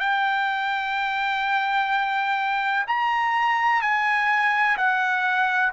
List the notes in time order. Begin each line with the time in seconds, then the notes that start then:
0.00 G5
2.87 A#5
3.82 G#5
4.77 F#5